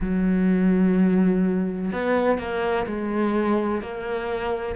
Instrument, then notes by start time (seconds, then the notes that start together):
cello
0.00 F#3
1.92 B3
2.38 A#3
2.86 G#3
3.81 A#3